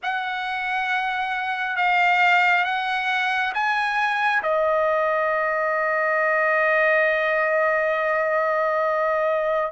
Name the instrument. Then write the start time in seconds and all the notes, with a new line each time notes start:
trumpet
0.02 F#5
1.76 F5
2.64 F#5
3.54 G#5
4.42 D#5